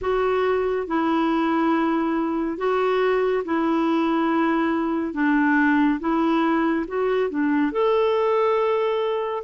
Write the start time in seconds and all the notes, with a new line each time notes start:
0.01 F#4
0.86 E4
2.57 F#4
3.44 E4
5.14 D4
6.00 E4
6.87 F#4
7.29 D4
7.72 A4